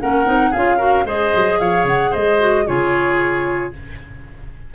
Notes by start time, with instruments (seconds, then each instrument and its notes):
0.00 tuba A#3, clarinet C#4, oboe A#4, flute F#5
0.25 tuba C4, clarinet D#4
0.50 tuba C#4, clarinet F4, oboe G#4, flute F5
0.77 clarinet F#4, oboe A#4
1.05 tuba G#3, clarinet G#4, oboe C5, flute D#5
1.35 tuba F#3
1.59 tuba F3, oboe C#5, flute F5
1.84 tuba C#3, flute F#5
2.11 tuba G#3, oboe C5, flute D#5
2.39 clarinet F#4
2.66 tuba C#3, clarinet F4, oboe G#4, flute C#5